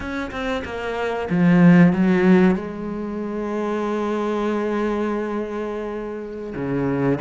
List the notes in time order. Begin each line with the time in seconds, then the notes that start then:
0.00 C#4
0.31 C4
0.64 A#3
1.30 F3
1.92 F#3
2.55 G#3
6.55 C#3